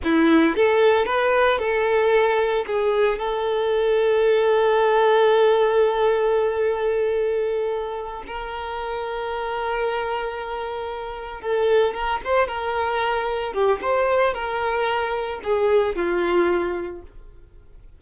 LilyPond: \new Staff \with { instrumentName = "violin" } { \time 4/4 \tempo 4 = 113 e'4 a'4 b'4 a'4~ | a'4 gis'4 a'2~ | a'1~ | a'2.~ a'8 ais'8~ |
ais'1~ | ais'4. a'4 ais'8 c''8 ais'8~ | ais'4. g'8 c''4 ais'4~ | ais'4 gis'4 f'2 | }